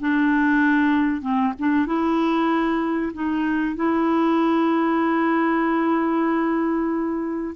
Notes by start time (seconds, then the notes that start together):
0.00 D4
1.21 C4
1.59 D4
1.86 E4
3.13 D#4
3.76 E4